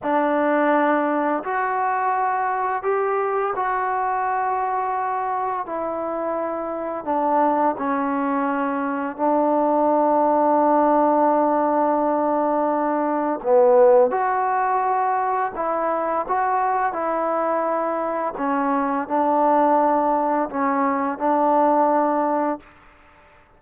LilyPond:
\new Staff \with { instrumentName = "trombone" } { \time 4/4 \tempo 4 = 85 d'2 fis'2 | g'4 fis'2. | e'2 d'4 cis'4~ | cis'4 d'2.~ |
d'2. b4 | fis'2 e'4 fis'4 | e'2 cis'4 d'4~ | d'4 cis'4 d'2 | }